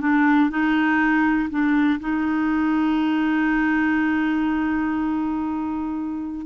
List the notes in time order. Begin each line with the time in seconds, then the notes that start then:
0.00 D4
0.50 D#4
1.50 D4
2.00 D#4